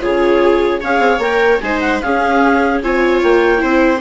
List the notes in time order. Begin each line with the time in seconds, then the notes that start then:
0.00 C#3 F4 G#4 C#5
0.80 C#4 G#4 C#5 F5
0.99 C4
1.18 A#3 A#4 G5
1.60 G#3 D#4 C5 G#5
1.80 F#5
2.01 C#4 G#4 F5
2.81 C4 F4 C#5 G#5
3.22 A#3 G5
3.58 C4 E4 C5